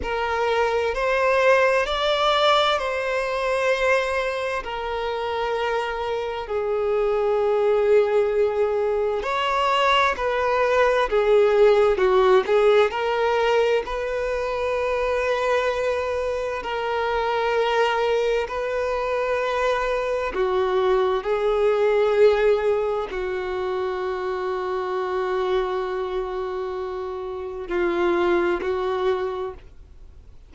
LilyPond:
\new Staff \with { instrumentName = "violin" } { \time 4/4 \tempo 4 = 65 ais'4 c''4 d''4 c''4~ | c''4 ais'2 gis'4~ | gis'2 cis''4 b'4 | gis'4 fis'8 gis'8 ais'4 b'4~ |
b'2 ais'2 | b'2 fis'4 gis'4~ | gis'4 fis'2.~ | fis'2 f'4 fis'4 | }